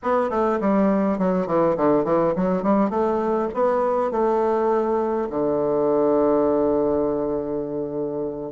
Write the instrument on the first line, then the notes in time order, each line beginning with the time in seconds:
bassoon
0.02 B3
0.29 A3
0.60 G3
1.18 F#3
1.47 E3
1.76 D3
2.04 E3
2.35 F#3
2.62 G3
2.90 A3
3.54 B3
4.11 A3
5.29 D3